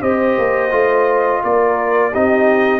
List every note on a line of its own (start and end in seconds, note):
0.00 0.37 C4
0.00 0.71 G4
0.00 1.42 C5
0.00 1.43 D#5
0.38 0.72 A#3
0.71 1.42 A3
0.71 2.12 F4
1.43 2.14 A#3
1.43 2.11 A#4
1.43 2.14 D5
2.11 2.80 C4
2.11 2.80 D#4
2.11 2.80 G4
2.11 2.80 D#5